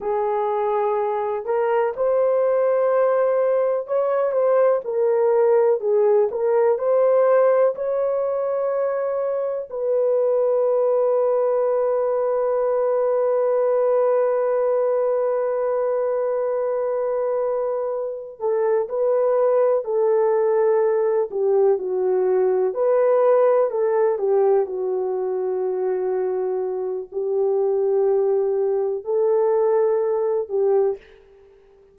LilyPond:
\new Staff \with { instrumentName = "horn" } { \time 4/4 \tempo 4 = 62 gis'4. ais'8 c''2 | cis''8 c''8 ais'4 gis'8 ais'8 c''4 | cis''2 b'2~ | b'1~ |
b'2. a'8 b'8~ | b'8 a'4. g'8 fis'4 b'8~ | b'8 a'8 g'8 fis'2~ fis'8 | g'2 a'4. g'8 | }